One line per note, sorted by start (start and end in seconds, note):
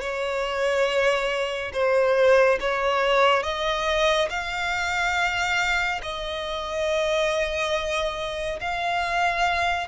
0.00 1.71 C#5
1.73 2.58 C5
2.60 3.42 C#5
3.42 4.28 D#5
4.29 6.01 F5
6.02 8.59 D#5
8.60 9.87 F5